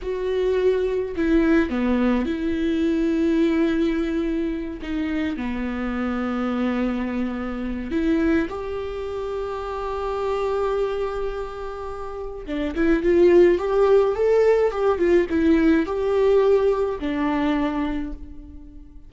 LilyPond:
\new Staff \with { instrumentName = "viola" } { \time 4/4 \tempo 4 = 106 fis'2 e'4 b4 | e'1~ | e'8 dis'4 b2~ b8~ | b2 e'4 g'4~ |
g'1~ | g'2 d'8 e'8 f'4 | g'4 a'4 g'8 f'8 e'4 | g'2 d'2 | }